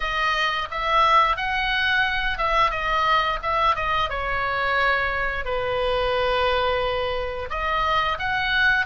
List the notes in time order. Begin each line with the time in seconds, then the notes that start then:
0.00 D#5
0.71 E5
1.36 F#5
2.38 E5
2.71 D#5
3.42 E5
3.75 D#5
4.09 C#5
5.44 B4
7.50 D#5
8.18 F#5